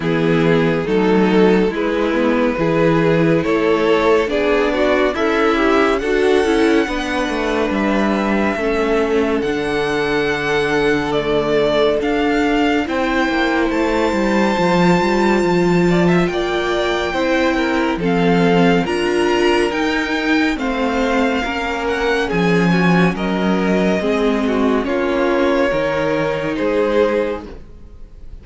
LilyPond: <<
  \new Staff \with { instrumentName = "violin" } { \time 4/4 \tempo 4 = 70 gis'4 a'4 b'2 | cis''4 d''4 e''4 fis''4~ | fis''4 e''2 fis''4~ | fis''4 d''4 f''4 g''4 |
a''2. g''4~ | g''4 f''4 ais''4 g''4 | f''4. fis''8 gis''4 dis''4~ | dis''4 cis''2 c''4 | }
  \new Staff \with { instrumentName = "violin" } { \time 4/4 e'4 dis'4 e'4 gis'4 | a'4 gis'8 fis'8 e'4 a'4 | b'2 a'2~ | a'2. c''4~ |
c''2~ c''8 d''16 e''16 d''4 | c''8 ais'8 a'4 ais'2 | c''4 ais'4 gis'8 fis'8 ais'4 | gis'8 fis'8 f'4 ais'4 gis'4 | }
  \new Staff \with { instrumentName = "viola" } { \time 4/4 b4 a4 gis8 b8 e'4~ | e'4 d'4 a'8 g'8 fis'8 e'8 | d'2 cis'4 d'4~ | d'4 a4 d'4 e'4~ |
e'4 f'2. | e'4 c'4 f'4 dis'4 | c'4 cis'2. | c'4 cis'4 dis'2 | }
  \new Staff \with { instrumentName = "cello" } { \time 4/4 e4 fis4 gis4 e4 | a4 b4 cis'4 d'8 cis'8 | b8 a8 g4 a4 d4~ | d2 d'4 c'8 ais8 |
a8 g8 f8 g8 f4 ais4 | c'4 f4 d'4 dis'4 | a4 ais4 f4 fis4 | gis4 ais4 dis4 gis4 | }
>>